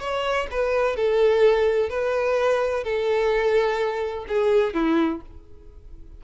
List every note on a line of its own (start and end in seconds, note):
0.00 0.47 C#5
0.52 0.96 B4
0.96 1.90 A4
1.90 2.84 B4
2.84 4.26 A4
4.28 4.74 G#4
4.74 5.21 E4